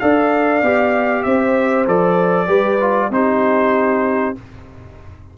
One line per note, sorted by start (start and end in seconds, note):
0.00 0.62 D4
0.00 0.62 A4
0.00 1.24 D5
0.00 1.23 F5
0.62 1.24 B3
0.62 1.87 G4
1.23 1.87 C4
1.23 2.47 C5
1.23 1.85 E5
1.87 2.49 F3
1.87 2.47 A4
1.87 3.12 D5
2.47 3.10 G3
2.47 2.78 G4
2.47 3.09 B4
2.80 3.11 F4
3.10 4.34 C4
3.10 4.35 D#4
3.10 4.37 G4
3.10 4.36 C5